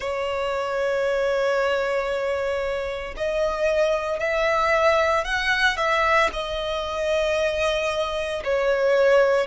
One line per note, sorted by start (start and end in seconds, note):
0.00 3.14 C#5
3.16 4.19 D#5
4.19 5.24 E5
5.24 5.77 F#5
5.77 6.29 E5
6.32 8.43 D#5
8.44 9.46 C#5